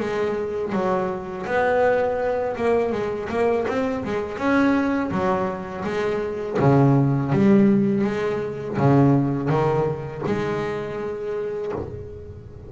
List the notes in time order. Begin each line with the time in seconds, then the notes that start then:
0.00 G#3
0.73 F#3
1.46 B3
2.56 A#3
2.92 G#3
3.30 A#3
3.68 C4
4.05 G#3
4.38 C#4
5.11 F#3
5.85 G#3
6.60 C#3
7.32 G3
8.04 G#3
8.78 C#3
9.49 D#3
10.26 G#3